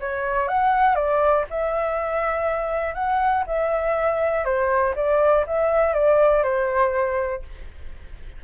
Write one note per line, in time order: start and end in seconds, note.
0.00 0.48 C#5
0.48 0.95 F#5
0.95 1.44 D5
1.50 2.94 E5
2.94 3.44 F#5
3.47 4.45 E5
4.45 4.95 C5
4.96 5.45 D5
5.47 5.94 E5
5.94 6.43 D5
6.43 7.42 C5